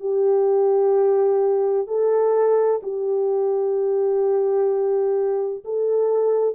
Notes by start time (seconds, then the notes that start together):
0.00 G4
1.87 A4
2.82 G4
5.64 A4